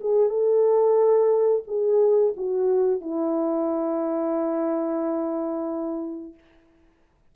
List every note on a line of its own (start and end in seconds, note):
0.00 0.29 G#4
0.29 1.63 A4
1.67 2.34 G#4
2.37 3.01 F#4
3.01 6.34 E4